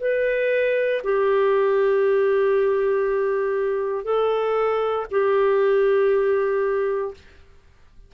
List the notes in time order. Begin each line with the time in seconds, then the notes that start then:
0.00 B4
1.03 G4
4.04 A4
5.10 G4